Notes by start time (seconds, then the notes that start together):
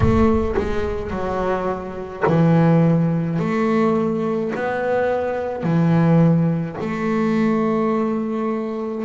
0.00 A3
0.57 G#3
1.10 F#3
2.26 E3
3.39 A3
4.55 B3
5.63 E3
6.80 A3